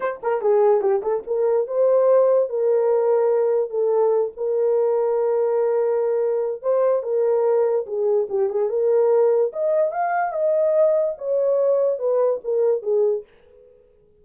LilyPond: \new Staff \with { instrumentName = "horn" } { \time 4/4 \tempo 4 = 145 c''8 ais'8 gis'4 g'8 a'8 ais'4 | c''2 ais'2~ | ais'4 a'4. ais'4.~ | ais'1 |
c''4 ais'2 gis'4 | g'8 gis'8 ais'2 dis''4 | f''4 dis''2 cis''4~ | cis''4 b'4 ais'4 gis'4 | }